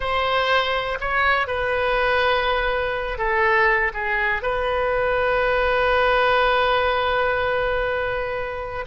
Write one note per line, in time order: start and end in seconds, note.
0.00 0.98 C5
1.00 1.47 C#5
1.47 3.18 B4
3.18 3.91 A4
3.93 4.42 G#4
4.42 8.85 B4